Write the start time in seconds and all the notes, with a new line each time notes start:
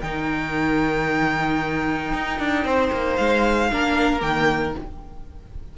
0.00 D#3 D#4 A#4 G5
2.13 D#4
2.39 D4
2.64 C4 C5
2.92 A#3
3.15 G#3 F5
3.71 A#3 D4 A#4
4.19 D#3 A#3 G5